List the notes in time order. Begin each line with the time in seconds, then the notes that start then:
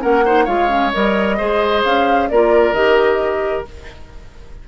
0.00 A#3 C#4 A#4 F#5
0.25 D#4 C5
0.44 G#3 F4 C#5 F5
0.68 C#4
0.92 G3 A#4 D#5
1.37 G#3 G#4 C5
1.83 C#4 F5
2.29 A#3 F4 A#4 D5
2.72 D#3 G4 D#5